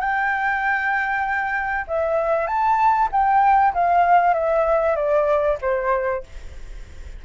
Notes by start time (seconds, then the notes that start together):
0.00 G5
1.87 E5
2.47 A5
3.12 G5
3.74 F5
4.34 E5
4.96 D5
5.61 C5